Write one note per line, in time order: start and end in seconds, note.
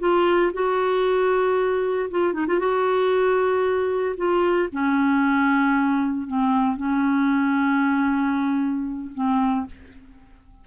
0.00 0.52 F4
0.54 2.10 F#4
2.11 2.34 F4
2.34 2.47 D#4
2.48 2.59 F4
2.59 4.16 F#4
4.17 4.69 F4
4.73 6.28 C#4
6.28 6.77 C4
6.77 9.12 C#4
9.15 9.67 C4